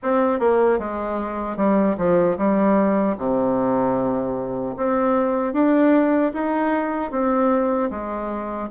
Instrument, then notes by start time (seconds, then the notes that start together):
bassoon
0.02 C4
0.39 A#3
0.79 G#3
1.56 G3
1.97 F3
2.37 G3
3.17 C3
4.77 C4
5.53 D4
6.33 D#4
7.11 C4
7.90 G#3